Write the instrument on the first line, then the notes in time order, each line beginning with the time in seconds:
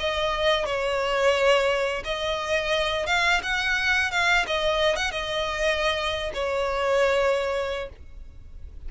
violin
0.00 D#5
0.66 C#5
2.05 D#5
3.07 F5
3.43 F#5
4.12 F5
4.47 D#5
4.97 F#5
5.12 D#5
6.34 C#5